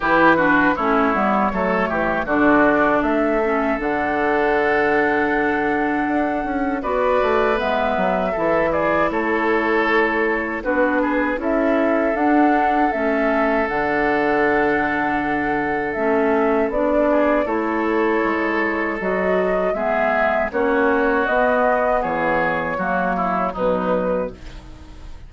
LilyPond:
<<
  \new Staff \with { instrumentName = "flute" } { \time 4/4 \tempo 4 = 79 b'4 cis''2 d''4 | e''4 fis''2.~ | fis''4 d''4 e''4. d''8 | cis''2 b'4 e''4 |
fis''4 e''4 fis''2~ | fis''4 e''4 d''4 cis''4~ | cis''4 dis''4 e''4 cis''4 | dis''4 cis''2 b'4 | }
  \new Staff \with { instrumentName = "oboe" } { \time 4/4 g'8 fis'8 e'4 a'8 g'8 fis'4 | a'1~ | a'4 b'2 a'8 gis'8 | a'2 fis'8 gis'8 a'4~ |
a'1~ | a'2~ a'8 gis'8 a'4~ | a'2 gis'4 fis'4~ | fis'4 gis'4 fis'8 e'8 dis'4 | }
  \new Staff \with { instrumentName = "clarinet" } { \time 4/4 e'8 d'8 cis'8 b8 a4 d'4~ | d'8 cis'8 d'2.~ | d'4 fis'4 b4 e'4~ | e'2 d'4 e'4 |
d'4 cis'4 d'2~ | d'4 cis'4 d'4 e'4~ | e'4 fis'4 b4 cis'4 | b2 ais4 fis4 | }
  \new Staff \with { instrumentName = "bassoon" } { \time 4/4 e4 a8 g8 fis8 e8 d4 | a4 d2. | d'8 cis'8 b8 a8 gis8 fis8 e4 | a2 b4 cis'4 |
d'4 a4 d2~ | d4 a4 b4 a4 | gis4 fis4 gis4 ais4 | b4 e4 fis4 b,4 | }
>>